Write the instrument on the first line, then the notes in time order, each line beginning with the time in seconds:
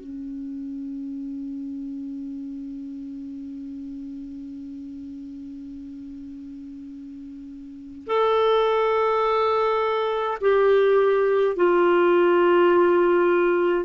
clarinet
0.00 C#4
8.07 A4
10.41 G4
11.56 F4